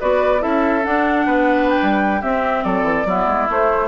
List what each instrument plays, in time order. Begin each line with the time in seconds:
0.00 bassoon B3, clarinet F#4, oboe B4, flute D5
0.39 bassoon C#4, clarinet E4, oboe A4, flute E5
0.83 clarinet D4, bassoon D4, flute F#5
1.25 bassoon B3, oboe B4
1.69 flute G5
1.82 bassoon G3
2.21 clarinet C4, bassoon C4, oboe G4, flute E5
2.63 bassoon F#3, oboe A4, flute D5
2.83 bassoon E3
3.05 bassoon F#3, clarinet B3, oboe E4
3.26 bassoon G#3
3.47 clarinet A3, bassoon A3, flute C5